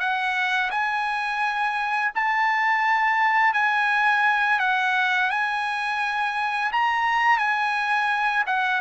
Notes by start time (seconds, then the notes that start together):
0.00 F#5
0.71 G#5
2.15 A5
3.54 G#5
4.60 F#5
5.30 G#5
6.72 A#5
7.39 G#5
8.47 F#5